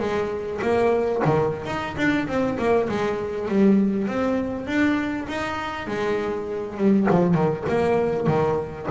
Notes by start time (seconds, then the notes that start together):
0.00 G#3
0.62 A#3
1.25 D#3
1.66 D#4
1.97 D4
2.27 C4
2.58 A#3
2.89 G#3
3.48 G3
4.07 C4
4.67 D4
5.28 D#4
5.87 G#3
6.77 G3
7.10 F3
7.34 D#3
7.69 A#3
8.27 D#3